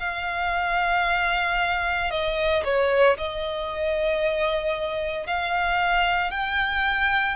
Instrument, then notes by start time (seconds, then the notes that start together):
violin
0.00 F5
2.11 D#5
2.64 C#5
3.17 D#5
5.26 F5
6.31 G5